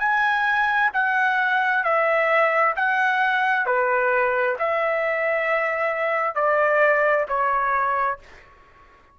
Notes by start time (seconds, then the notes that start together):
0.00 G#5
0.93 F#5
1.84 E5
2.76 F#5
3.67 B4
4.59 E5
6.36 D5
7.29 C#5